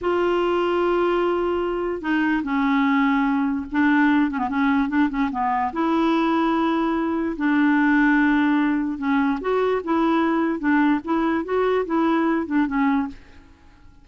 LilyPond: \new Staff \with { instrumentName = "clarinet" } { \time 4/4 \tempo 4 = 147 f'1~ | f'4 dis'4 cis'2~ | cis'4 d'4. cis'16 b16 cis'4 | d'8 cis'8 b4 e'2~ |
e'2 d'2~ | d'2 cis'4 fis'4 | e'2 d'4 e'4 | fis'4 e'4. d'8 cis'4 | }